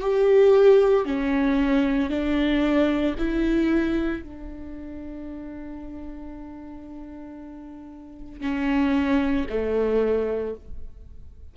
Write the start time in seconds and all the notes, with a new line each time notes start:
0.00 G4
1.05 C#4
2.10 D4
3.18 E4
4.22 D4
8.41 C#4
9.49 A3